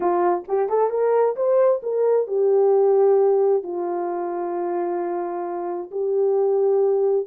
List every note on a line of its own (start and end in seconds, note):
0.00 0.44 F4
0.48 0.69 G4
0.69 0.90 A4
0.90 1.35 A#4
1.36 1.81 C5
1.82 2.27 A#4
2.27 3.63 G4
3.63 5.90 F4
5.91 7.26 G4